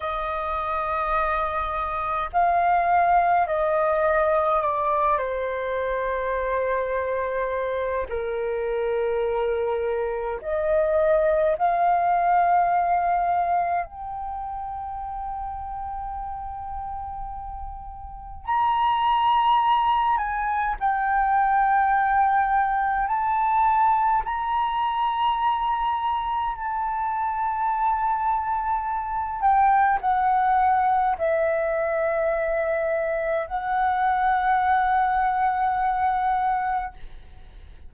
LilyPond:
\new Staff \with { instrumentName = "flute" } { \time 4/4 \tempo 4 = 52 dis''2 f''4 dis''4 | d''8 c''2~ c''8 ais'4~ | ais'4 dis''4 f''2 | g''1 |
ais''4. gis''8 g''2 | a''4 ais''2 a''4~ | a''4. g''8 fis''4 e''4~ | e''4 fis''2. | }